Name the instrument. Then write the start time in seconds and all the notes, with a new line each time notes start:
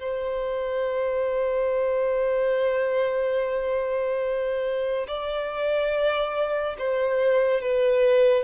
violin
0.00 C5
5.07 D5
6.78 C5
7.61 B4